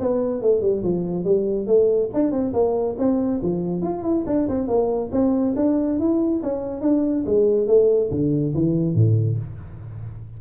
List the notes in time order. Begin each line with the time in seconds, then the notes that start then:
0.00 B3
0.42 A3
0.61 G3
0.83 F3
1.25 G3
1.67 A3
2.14 D4
2.32 C4
2.53 A#3
2.98 C4
3.42 F3
3.82 F4
4.03 E4
4.27 D4
4.48 C4
4.68 A#3
5.12 C4
5.56 D4
5.99 E4
6.43 C#4
6.81 D4
7.26 G#3
7.67 A3
8.11 D3
8.55 E3
8.95 A2